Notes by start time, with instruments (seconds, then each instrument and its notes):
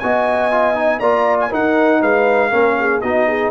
0.00 tuba B3, trombone F#4, horn D#5, trumpet G#5
0.52 trombone F4
0.75 trombone D#4
1.00 tuba A#3, trombone F4, horn D5, trumpet A#5
1.41 trumpet G#5
1.50 trombone D#4, tuba D#4, horn A#4, trumpet F#5
2.01 tuba G#3, horn B4, trumpet F5
2.50 tuba A#3, trombone C#4, horn A#4
2.80 horn G#4
3.02 tuba B3, trombone D#4, horn F#4, trumpet D#5
3.28 horn G#4